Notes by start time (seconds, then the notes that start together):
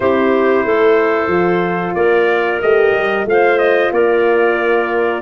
0.00 C4 E4 G4 C5
0.65 A3 A4
1.27 F3 F4
1.94 A#3 A#4 D5
2.61 A3 G4 D#5
2.91 G3
3.25 A3 F4 C5 F5
3.58 D#5
3.91 A#3 A#4 D5